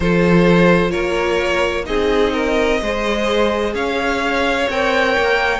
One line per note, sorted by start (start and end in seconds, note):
0.00 0.93 F3
0.00 1.84 F4
0.00 0.91 A4
0.00 0.91 C5
0.91 1.88 A#3
0.91 1.84 A#4
0.91 1.84 C#5
1.84 2.81 C4
1.84 2.78 D#4
1.84 2.33 G#4
1.84 3.73 D#5
2.33 2.79 A#4
2.81 3.73 G#3
2.81 4.70 G#4
2.81 3.74 C5
3.73 4.67 C#4
3.73 5.59 C#5
3.73 4.68 F5
4.70 5.16 C4
4.70 5.59 A#4
4.70 5.59 G5
5.17 5.59 A#3